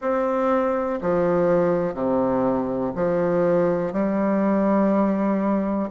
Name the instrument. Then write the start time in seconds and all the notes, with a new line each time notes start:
bassoon
0.01 C4
1.01 F3
1.94 C3
2.95 F3
3.92 G3